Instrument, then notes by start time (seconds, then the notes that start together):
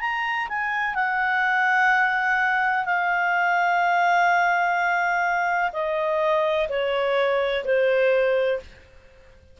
clarinet
0.00 A#5
0.48 G#5
0.95 F#5
2.85 F5
5.73 D#5
6.69 C#5
7.65 C5